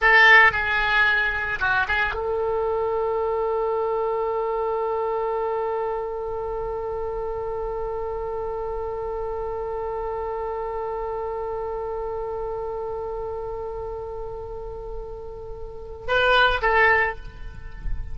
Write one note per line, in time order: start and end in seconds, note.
0.01 0.52 A4
0.52 1.59 G#4
1.59 1.86 F#4
1.88 2.14 G#4
2.14 16.06 A4
16.07 16.61 B4
16.61 17.15 A4